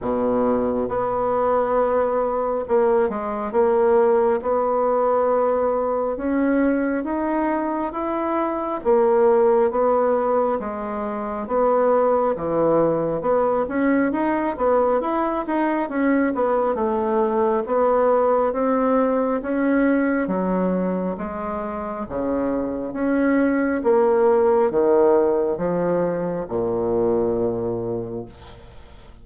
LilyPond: \new Staff \with { instrumentName = "bassoon" } { \time 4/4 \tempo 4 = 68 b,4 b2 ais8 gis8 | ais4 b2 cis'4 | dis'4 e'4 ais4 b4 | gis4 b4 e4 b8 cis'8 |
dis'8 b8 e'8 dis'8 cis'8 b8 a4 | b4 c'4 cis'4 fis4 | gis4 cis4 cis'4 ais4 | dis4 f4 ais,2 | }